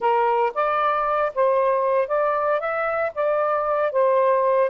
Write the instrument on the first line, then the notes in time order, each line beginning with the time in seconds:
saxophone
0.00 A#4
0.54 D5
1.34 C5
2.07 D5
2.59 E5
3.14 D5
3.92 C5